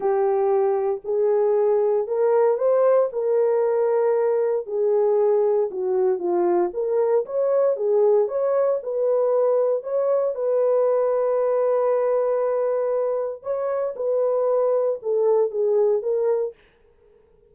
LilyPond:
\new Staff \with { instrumentName = "horn" } { \time 4/4 \tempo 4 = 116 g'2 gis'2 | ais'4 c''4 ais'2~ | ais'4 gis'2 fis'4 | f'4 ais'4 cis''4 gis'4 |
cis''4 b'2 cis''4 | b'1~ | b'2 cis''4 b'4~ | b'4 a'4 gis'4 ais'4 | }